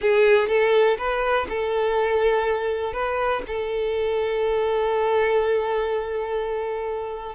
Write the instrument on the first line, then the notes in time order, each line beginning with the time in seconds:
violin
0.01 G#4
0.48 A4
0.97 B4
1.49 A4
2.93 B4
3.47 A4